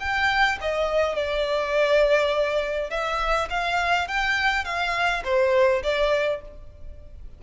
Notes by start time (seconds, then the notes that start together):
0.00 G5
0.61 D#5
1.15 D5
2.90 E5
3.50 F5
4.08 G5
4.65 F5
5.24 C5
5.83 D5